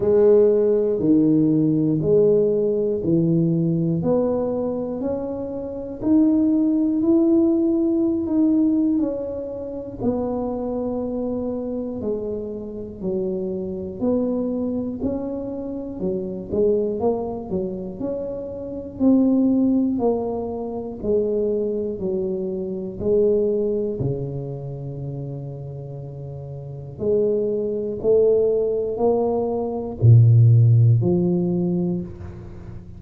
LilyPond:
\new Staff \with { instrumentName = "tuba" } { \time 4/4 \tempo 4 = 60 gis4 dis4 gis4 e4 | b4 cis'4 dis'4 e'4~ | e'16 dis'8. cis'4 b2 | gis4 fis4 b4 cis'4 |
fis8 gis8 ais8 fis8 cis'4 c'4 | ais4 gis4 fis4 gis4 | cis2. gis4 | a4 ais4 ais,4 f4 | }